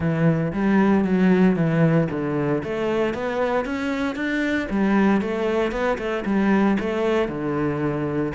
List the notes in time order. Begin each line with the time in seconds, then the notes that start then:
0.00 E3
0.52 G3
1.04 F#3
1.55 E3
2.10 D3
2.63 A3
3.14 B3
3.65 C#4
4.15 D4
4.70 G3
5.21 A3
5.71 B3
5.97 A3
6.25 G3
6.79 A3
7.28 D3